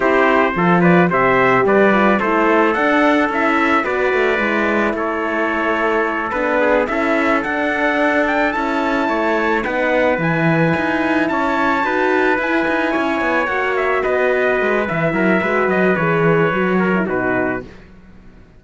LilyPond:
<<
  \new Staff \with { instrumentName = "trumpet" } { \time 4/4 \tempo 4 = 109 c''4. d''8 e''4 d''4 | c''4 fis''4 e''4 d''4~ | d''4 cis''2~ cis''8 b'8~ | b'8 e''4 fis''4. g''8 a''8~ |
a''4. fis''4 gis''4.~ | gis''8 a''2 gis''4.~ | gis''8 fis''8 e''8 dis''4. e''4~ | e''8 dis''8 cis''2 b'4 | }
  \new Staff \with { instrumentName = "trumpet" } { \time 4/4 g'4 a'8 b'8 c''4 b'4 | a'2. b'4~ | b'4 a'2. | gis'8 a'2.~ a'8~ |
a'8 cis''4 b'2~ b'8~ | b'8 cis''4 b'2 cis''8~ | cis''4. b'2 ais'8 | b'2~ b'8 ais'8 fis'4 | }
  \new Staff \with { instrumentName = "horn" } { \time 4/4 e'4 f'4 g'4. f'8 | e'4 d'4 e'4 fis'4 | e'2.~ e'8 d'8~ | d'8 e'4 d'2 e'8~ |
e'4. dis'4 e'4.~ | e'4. fis'4 e'4.~ | e'8 fis'2~ fis'8 e'4 | fis'4 gis'4 fis'8. e'16 dis'4 | }
  \new Staff \with { instrumentName = "cello" } { \time 4/4 c'4 f4 c4 g4 | a4 d'4 cis'4 b8 a8 | gis4 a2~ a8 b8~ | b8 cis'4 d'2 cis'8~ |
cis'8 a4 b4 e4 dis'8~ | dis'8 cis'4 dis'4 e'8 dis'8 cis'8 | b8 ais4 b4 gis8 e8 fis8 | gis8 fis8 e4 fis4 b,4 | }
>>